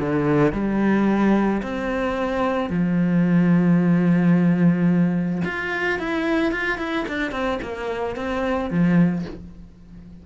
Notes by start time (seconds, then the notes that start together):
0.00 D3
0.53 G3
1.62 C4
2.70 F3
5.45 F4
5.99 E4
6.52 F4
6.78 E4
7.08 D4
7.32 C4
7.62 A#3
8.16 C4
8.70 F3